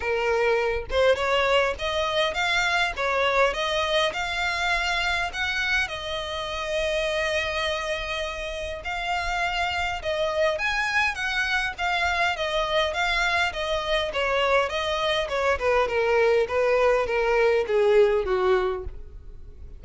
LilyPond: \new Staff \with { instrumentName = "violin" } { \time 4/4 \tempo 4 = 102 ais'4. c''8 cis''4 dis''4 | f''4 cis''4 dis''4 f''4~ | f''4 fis''4 dis''2~ | dis''2. f''4~ |
f''4 dis''4 gis''4 fis''4 | f''4 dis''4 f''4 dis''4 | cis''4 dis''4 cis''8 b'8 ais'4 | b'4 ais'4 gis'4 fis'4 | }